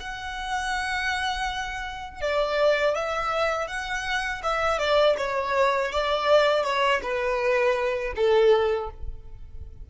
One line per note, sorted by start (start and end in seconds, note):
0.00 2.22 F#5
2.22 2.95 D5
2.95 3.68 E5
3.68 4.42 F#5
4.44 4.79 E5
4.79 5.16 D5
5.18 5.92 C#5
5.92 6.64 D5
6.64 7.01 C#5
7.03 8.14 B4
8.16 8.90 A4